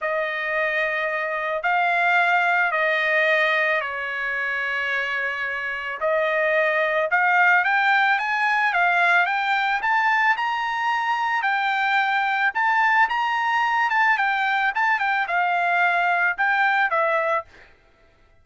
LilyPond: \new Staff \with { instrumentName = "trumpet" } { \time 4/4 \tempo 4 = 110 dis''2. f''4~ | f''4 dis''2 cis''4~ | cis''2. dis''4~ | dis''4 f''4 g''4 gis''4 |
f''4 g''4 a''4 ais''4~ | ais''4 g''2 a''4 | ais''4. a''8 g''4 a''8 g''8 | f''2 g''4 e''4 | }